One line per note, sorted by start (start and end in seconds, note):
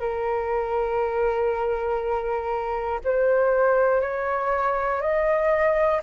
0.00 3.00 A#4
3.05 4.02 C5
4.02 5.02 C#5
5.02 6.02 D#5